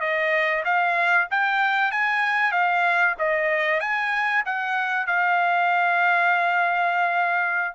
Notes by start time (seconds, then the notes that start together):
0.00 D#5
0.64 F5
1.30 G5
1.91 G#5
2.52 F5
3.18 D#5
3.80 G#5
4.45 F#5
5.06 F5